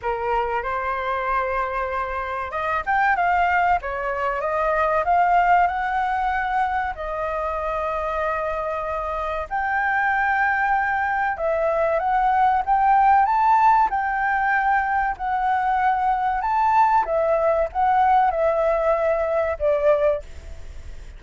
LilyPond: \new Staff \with { instrumentName = "flute" } { \time 4/4 \tempo 4 = 95 ais'4 c''2. | dis''8 g''8 f''4 cis''4 dis''4 | f''4 fis''2 dis''4~ | dis''2. g''4~ |
g''2 e''4 fis''4 | g''4 a''4 g''2 | fis''2 a''4 e''4 | fis''4 e''2 d''4 | }